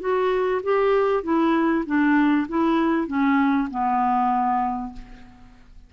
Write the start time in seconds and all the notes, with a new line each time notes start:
0.00 F#4
0.63 G4
1.23 E4
1.86 D4
2.48 E4
3.07 C#4
3.70 B3